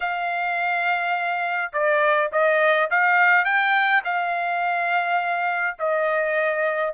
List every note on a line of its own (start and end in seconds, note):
0.00 1.72 F5
1.72 2.30 D5
2.32 2.90 D#5
2.90 3.45 F5
3.45 4.02 G5
4.04 5.77 F5
5.78 6.94 D#5